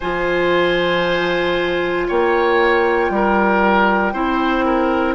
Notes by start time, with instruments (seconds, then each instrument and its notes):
0.00 bassoon F3, clarinet F4, oboe C5, flute G#5
2.07 bassoon A#3, oboe C#5, flute G5
3.09 bassoon G3, oboe A#4
4.13 bassoon C4, clarinet E4, oboe C5
4.65 oboe A#4